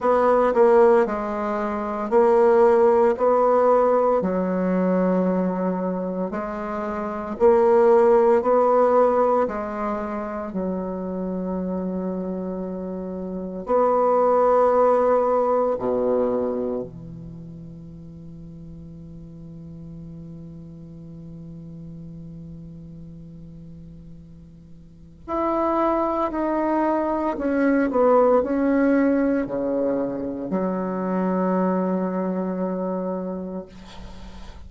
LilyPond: \new Staff \with { instrumentName = "bassoon" } { \time 4/4 \tempo 4 = 57 b8 ais8 gis4 ais4 b4 | fis2 gis4 ais4 | b4 gis4 fis2~ | fis4 b2 b,4 |
e1~ | e1 | e'4 dis'4 cis'8 b8 cis'4 | cis4 fis2. | }